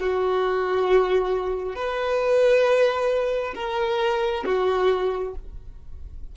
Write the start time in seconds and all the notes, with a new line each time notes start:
0.00 F#4
1.75 B4
3.55 A#4
4.45 F#4